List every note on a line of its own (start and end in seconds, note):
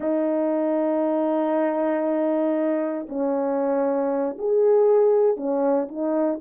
0.00 3.06 D#4
3.08 4.37 C#4
4.38 5.36 G#4
5.36 5.88 C#4
5.88 6.39 D#4